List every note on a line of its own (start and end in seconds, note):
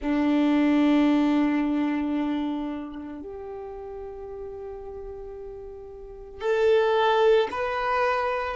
0.00 3.21 D4
3.21 6.40 G4
6.40 7.48 A4
7.51 8.56 B4